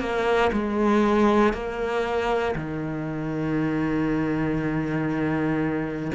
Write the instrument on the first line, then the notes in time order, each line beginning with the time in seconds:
cello
0.00 A#3
0.53 G#3
1.53 A#3
2.56 D#3